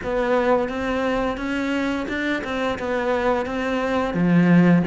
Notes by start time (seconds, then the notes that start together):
0.03 B3
0.68 C4
1.37 C#4
2.08 D4
2.44 C4
2.78 B3
3.45 C4
4.13 F3